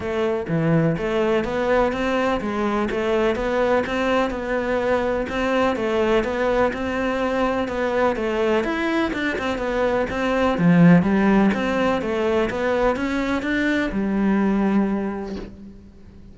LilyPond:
\new Staff \with { instrumentName = "cello" } { \time 4/4 \tempo 4 = 125 a4 e4 a4 b4 | c'4 gis4 a4 b4 | c'4 b2 c'4 | a4 b4 c'2 |
b4 a4 e'4 d'8 c'8 | b4 c'4 f4 g4 | c'4 a4 b4 cis'4 | d'4 g2. | }